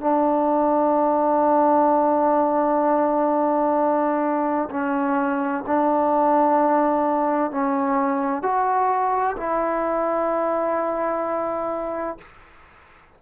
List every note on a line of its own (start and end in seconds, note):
0.00 4.69 D4
4.70 5.64 C#4
5.66 7.51 D4
7.51 8.42 C#4
8.42 9.36 F#4
9.36 12.17 E4